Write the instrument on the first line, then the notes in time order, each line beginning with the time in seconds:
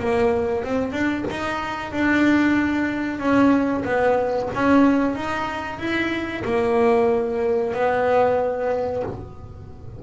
double bass
0.00 A#3
0.65 C4
0.93 D4
1.30 D#4
1.93 D4
3.20 C#4
3.85 B3
4.55 C#4
5.16 D#4
5.79 E4
6.45 A#3
7.74 B3